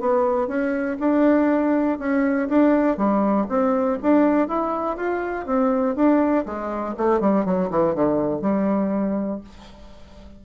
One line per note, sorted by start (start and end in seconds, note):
0.00 0.48 B3
0.48 0.97 C#4
1.00 1.99 D4
1.99 2.48 C#4
2.49 2.97 D4
2.97 3.47 G3
3.49 3.98 C4
4.02 4.48 D4
4.48 4.97 E4
4.97 5.46 F4
5.46 5.95 C4
5.96 6.45 D4
6.45 6.95 G#3
6.97 7.20 A3
7.20 7.45 G3
7.45 7.70 F#3
7.70 7.95 E3
7.95 8.41 D3
8.41 9.41 G3